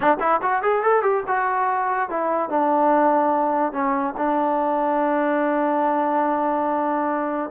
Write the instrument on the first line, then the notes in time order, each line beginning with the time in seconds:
trombone
0.00 D4
0.20 E4
0.42 F#4
0.62 G#4
0.82 A4
1.02 G4
1.27 F#4
2.09 E4
2.49 D4
3.72 C#4
4.17 D4